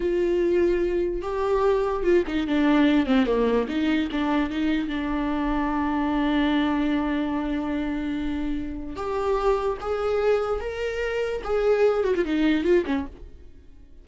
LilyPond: \new Staff \with { instrumentName = "viola" } { \time 4/4 \tempo 4 = 147 f'2. g'4~ | g'4 f'8 dis'8 d'4. c'8 | ais4 dis'4 d'4 dis'4 | d'1~ |
d'1~ | d'2 g'2 | gis'2 ais'2 | gis'4. fis'16 f'16 dis'4 f'8 cis'8 | }